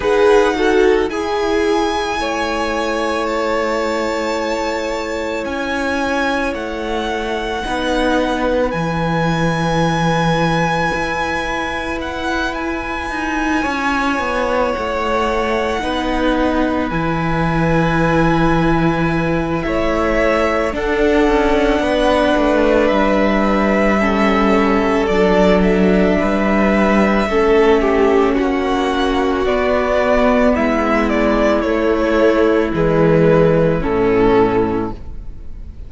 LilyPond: <<
  \new Staff \with { instrumentName = "violin" } { \time 4/4 \tempo 4 = 55 fis''4 gis''2 a''4~ | a''4 gis''4 fis''2 | gis''2. fis''8 gis''8~ | gis''4. fis''2 gis''8~ |
gis''2 e''4 fis''4~ | fis''4 e''2 d''8 e''8~ | e''2 fis''4 d''4 | e''8 d''8 cis''4 b'4 a'4 | }
  \new Staff \with { instrumentName = "violin" } { \time 4/4 b'8 a'8 gis'4 cis''2~ | cis''2. b'4~ | b'1~ | b'8 cis''2 b'4.~ |
b'2 cis''4 a'4 | b'2 a'2 | b'4 a'8 g'8 fis'2 | e'1 | }
  \new Staff \with { instrumentName = "viola" } { \time 4/4 gis'8 fis'8 e'2.~ | e'2. dis'4 | e'1~ | e'2~ e'8 dis'4 e'8~ |
e'2. d'4~ | d'2 cis'4 d'4~ | d'4 cis'2 b4~ | b4 a4 gis4 cis'4 | }
  \new Staff \with { instrumentName = "cello" } { \time 4/4 dis'4 e'4 a2~ | a4 cis'4 a4 b4 | e2 e'2 | dis'8 cis'8 b8 a4 b4 e8~ |
e2 a4 d'8 cis'8 | b8 a8 g2 fis4 | g4 a4 ais4 b4 | gis4 a4 e4 a,4 | }
>>